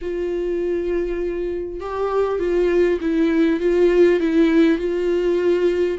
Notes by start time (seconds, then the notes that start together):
0.01 F4
1.80 G4
2.39 F4
3.00 E4
3.60 F4
4.20 E4
4.78 F4